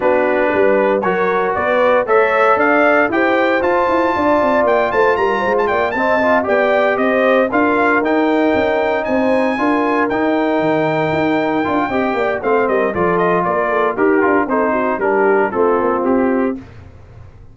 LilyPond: <<
  \new Staff \with { instrumentName = "trumpet" } { \time 4/4 \tempo 4 = 116 b'2 cis''4 d''4 | e''4 f''4 g''4 a''4~ | a''4 g''8 a''8 ais''8. a''16 g''8 a''8~ | a''8 g''4 dis''4 f''4 g''8~ |
g''4. gis''2 g''8~ | g''1 | f''8 dis''8 d''8 dis''8 d''4 ais'4 | c''4 ais'4 a'4 g'4 | }
  \new Staff \with { instrumentName = "horn" } { \time 4/4 fis'4 b'4 ais'4 b'4 | cis''4 d''4 c''2 | d''4. c''8 ais'8 c''8 d''8 dis''8~ | dis''8 d''4 c''4 ais'4.~ |
ais'4. c''4 ais'4.~ | ais'2. dis''8 d''8 | c''8 ais'8 a'4 ais'8 a'8 g'4 | a'8 fis'8 g'4 f'2 | }
  \new Staff \with { instrumentName = "trombone" } { \time 4/4 d'2 fis'2 | a'2 g'4 f'4~ | f'2.~ f'8 c'8 | f'8 g'2 f'4 dis'8~ |
dis'2~ dis'8 f'4 dis'8~ | dis'2~ dis'8 f'8 g'4 | c'4 f'2 g'8 f'8 | dis'4 d'4 c'2 | }
  \new Staff \with { instrumentName = "tuba" } { \time 4/4 b4 g4 fis4 b4 | a4 d'4 e'4 f'8 e'8 | d'8 c'8 ais8 a8 g8 gis8 ais8 c'8~ | c'8 b4 c'4 d'4 dis'8~ |
dis'8 cis'4 c'4 d'4 dis'8~ | dis'8 dis4 dis'4 d'8 c'8 ais8 | a8 g8 f4 ais4 dis'8 d'8 | c'4 g4 a8 ais8 c'4 | }
>>